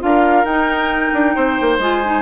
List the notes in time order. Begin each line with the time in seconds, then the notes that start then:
0.00 D4 F4 A#4 F5
0.44 D#4 G5
1.14 D4
1.36 C4 C5
1.61 A#3
1.79 G#3 F4 G#5
2.05 D#4